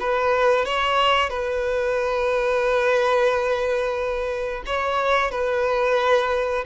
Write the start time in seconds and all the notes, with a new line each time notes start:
0.00 B4
0.65 C#5
1.30 B4
4.66 C#5
5.31 B4